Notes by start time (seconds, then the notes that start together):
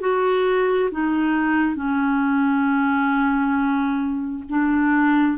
0.00 F#4
0.91 D#4
1.75 C#4
4.49 D4